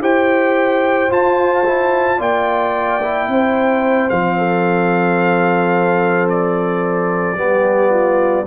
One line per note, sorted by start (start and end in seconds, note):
0.00 1.09 E4
0.00 1.09 G4
0.00 2.18 C5
0.00 1.11 G5
1.09 1.64 F4
1.09 2.19 F4
1.09 2.21 A5
1.65 2.18 E4
2.18 3.28 A#3
2.18 3.00 F4
2.18 3.27 D5
2.18 4.09 G5
3.01 4.10 E4
3.28 4.10 C4
3.28 4.37 C5
4.09 7.36 F3
4.09 7.36 C4
4.09 6.27 F5
4.37 7.37 A4
6.29 8.47 D5
7.36 8.45 G3
7.36 8.45 B3
7.36 7.90 G4
7.90 8.44 F4